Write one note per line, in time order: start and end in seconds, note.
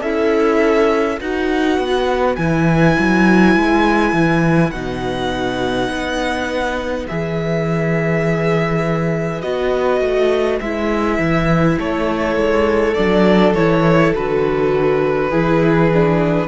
0.00 1.19 C#4
0.00 1.19 E4
0.00 1.18 A4
0.00 1.19 E5
1.19 1.78 D#4
1.19 2.38 F#4
1.19 11.77 B4
1.19 2.36 F#5
1.78 2.37 B3
2.36 2.96 E3
2.36 4.73 E4
2.36 4.71 G#5
2.99 3.56 F#3
3.56 4.12 G#3
4.12 4.71 E3
4.71 5.89 B2
4.71 7.09 D#4
4.71 7.06 F#5
5.89 7.07 B3
7.08 9.43 E3
7.08 9.42 G#4
7.08 9.41 E5
9.41 10.01 B3
9.41 10.60 F#4
9.41 10.59 D#5
10.01 10.60 A3
10.61 11.19 G#3
10.61 12.96 E4
10.61 11.78 E5
11.19 11.77 E3
11.78 12.36 A3
11.78 15.29 A4
11.78 12.94 C#5
12.36 12.94 G#3
12.94 13.54 F#3
12.94 13.55 D4
12.94 13.53 D5
13.54 14.13 E3
13.54 14.15 E4
13.54 14.13 C#5
14.15 15.32 D3
14.15 15.31 F#4
14.15 16.48 B4
15.29 16.48 E3
15.29 15.90 E4
15.29 16.47 G#4
15.93 16.48 D4